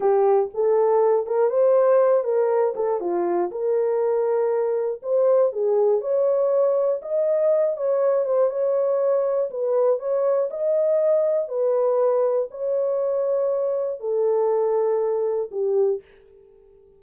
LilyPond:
\new Staff \with { instrumentName = "horn" } { \time 4/4 \tempo 4 = 120 g'4 a'4. ais'8 c''4~ | c''8 ais'4 a'8 f'4 ais'4~ | ais'2 c''4 gis'4 | cis''2 dis''4. cis''8~ |
cis''8 c''8 cis''2 b'4 | cis''4 dis''2 b'4~ | b'4 cis''2. | a'2. g'4 | }